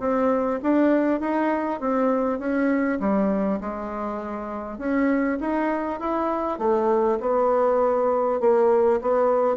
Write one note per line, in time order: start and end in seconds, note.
0.00 0.60 C4
0.63 1.20 D4
1.20 1.80 D#4
1.80 2.39 C4
2.39 2.99 C#4
3.00 3.60 G3
3.61 4.78 G#3
4.78 5.38 C#4
5.40 6.00 D#4
6.00 6.58 E4
6.58 7.18 A3
7.20 8.40 B3
8.41 9.01 A#3
9.01 9.56 B3